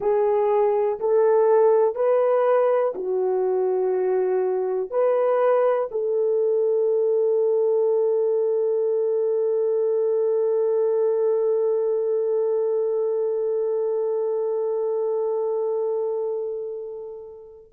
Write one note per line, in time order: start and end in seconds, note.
0.00 0.99 G#4
0.99 1.94 A4
1.94 2.93 B4
2.95 4.90 F#4
4.90 5.88 B4
5.91 17.71 A4